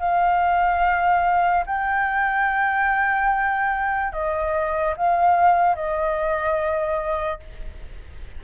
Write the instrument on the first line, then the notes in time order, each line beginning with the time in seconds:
flute
0.00 F5
1.66 G5
4.12 D#5
4.97 F5
5.75 D#5